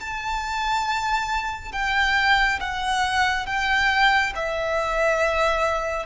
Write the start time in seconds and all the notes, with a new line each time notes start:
0.00 A5
1.72 G5
2.60 F#5
3.46 G5
4.35 E5